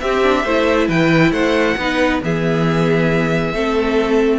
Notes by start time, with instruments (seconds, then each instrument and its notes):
0.00 cello C4, viola C4, violin G4 E5
0.23 viola D4
0.43 cello A3, viola E4, violin C5
0.87 cello E3, violin B4 G5
1.31 cello A3, violin C5 F#5
1.77 cello B3, viola D#4, violin B4
2.21 cello E3, viola B3, violin G#4 E5
3.53 cello A3, viola C4, violin A4